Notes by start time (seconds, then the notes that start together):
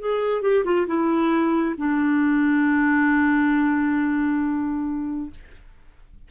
0.00 G#4
0.42 G4
0.64 F4
0.87 E4
1.77 D4